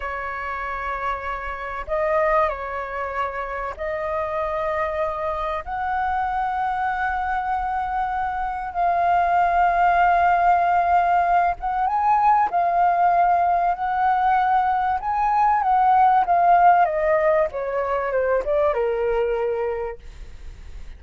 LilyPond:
\new Staff \with { instrumentName = "flute" } { \time 4/4 \tempo 4 = 96 cis''2. dis''4 | cis''2 dis''2~ | dis''4 fis''2.~ | fis''2 f''2~ |
f''2~ f''8 fis''8 gis''4 | f''2 fis''2 | gis''4 fis''4 f''4 dis''4 | cis''4 c''8 d''8 ais'2 | }